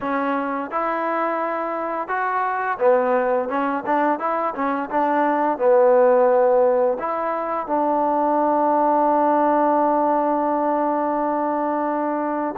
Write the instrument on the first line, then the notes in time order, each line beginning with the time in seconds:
trombone
0.00 C#4
0.70 E4
2.08 F#4
2.78 B3
3.48 C#4
3.86 D4
4.19 E4
4.54 C#4
4.90 D4
5.58 B3
6.99 E4
7.66 D4